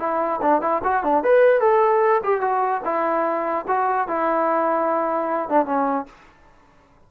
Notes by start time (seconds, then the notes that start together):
0.00 E4
0.42 D4
0.62 E4
0.84 F#4
1.04 D4
1.24 B4
1.61 A4
2.24 G4
2.41 F#4
2.85 E4
3.68 F#4
4.08 E4
5.50 D4
5.66 C#4